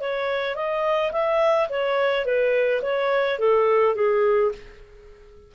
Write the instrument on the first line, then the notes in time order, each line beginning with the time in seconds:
clarinet
0.00 C#5
0.55 D#5
1.11 E5
1.69 C#5
2.25 B4
2.82 C#5
3.39 A4
3.95 G#4